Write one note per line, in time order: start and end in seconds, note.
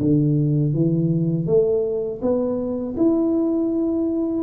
0.00 0.73 D3
0.73 1.46 E3
1.46 2.20 A3
2.21 2.95 B3
2.97 4.43 E4